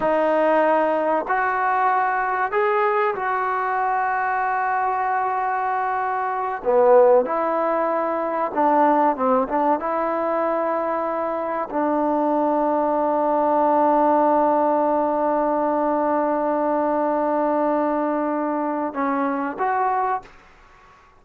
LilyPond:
\new Staff \with { instrumentName = "trombone" } { \time 4/4 \tempo 4 = 95 dis'2 fis'2 | gis'4 fis'2.~ | fis'2~ fis'8 b4 e'8~ | e'4. d'4 c'8 d'8 e'8~ |
e'2~ e'8 d'4.~ | d'1~ | d'1~ | d'2 cis'4 fis'4 | }